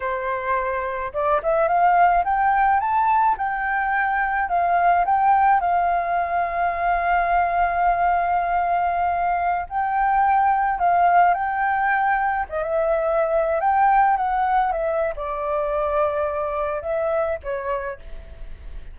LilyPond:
\new Staff \with { instrumentName = "flute" } { \time 4/4 \tempo 4 = 107 c''2 d''8 e''8 f''4 | g''4 a''4 g''2 | f''4 g''4 f''2~ | f''1~ |
f''4~ f''16 g''2 f''8.~ | f''16 g''2 dis''16 e''4.~ | e''16 g''4 fis''4 e''8. d''4~ | d''2 e''4 cis''4 | }